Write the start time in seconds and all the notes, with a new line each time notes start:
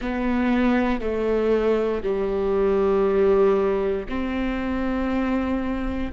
0.01 B3
1.00 A3
2.03 G3
4.08 C4